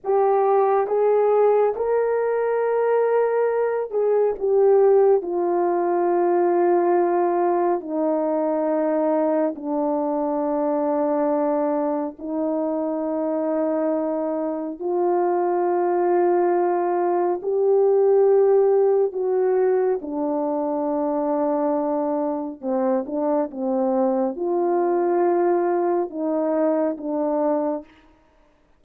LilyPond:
\new Staff \with { instrumentName = "horn" } { \time 4/4 \tempo 4 = 69 g'4 gis'4 ais'2~ | ais'8 gis'8 g'4 f'2~ | f'4 dis'2 d'4~ | d'2 dis'2~ |
dis'4 f'2. | g'2 fis'4 d'4~ | d'2 c'8 d'8 c'4 | f'2 dis'4 d'4 | }